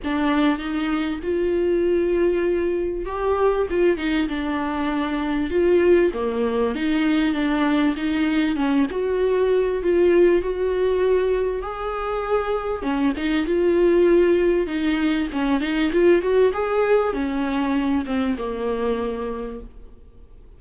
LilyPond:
\new Staff \with { instrumentName = "viola" } { \time 4/4 \tempo 4 = 98 d'4 dis'4 f'2~ | f'4 g'4 f'8 dis'8 d'4~ | d'4 f'4 ais4 dis'4 | d'4 dis'4 cis'8 fis'4. |
f'4 fis'2 gis'4~ | gis'4 cis'8 dis'8 f'2 | dis'4 cis'8 dis'8 f'8 fis'8 gis'4 | cis'4. c'8 ais2 | }